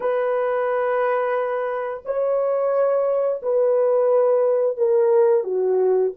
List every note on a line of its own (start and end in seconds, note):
0.00 2.03 B4
2.05 3.41 C#5
3.42 4.77 B4
4.77 5.43 A#4
5.43 6.11 F#4